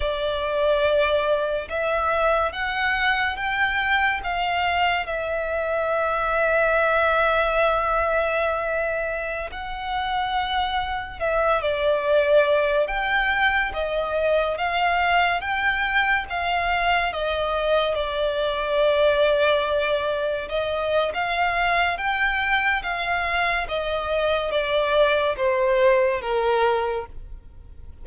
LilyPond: \new Staff \with { instrumentName = "violin" } { \time 4/4 \tempo 4 = 71 d''2 e''4 fis''4 | g''4 f''4 e''2~ | e''2.~ e''16 fis''8.~ | fis''4~ fis''16 e''8 d''4. g''8.~ |
g''16 dis''4 f''4 g''4 f''8.~ | f''16 dis''4 d''2~ d''8.~ | d''16 dis''8. f''4 g''4 f''4 | dis''4 d''4 c''4 ais'4 | }